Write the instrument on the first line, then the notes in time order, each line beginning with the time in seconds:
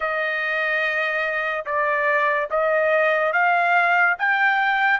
trumpet
0.00 D#5
1.65 D5
2.50 D#5
3.33 F5
4.18 G5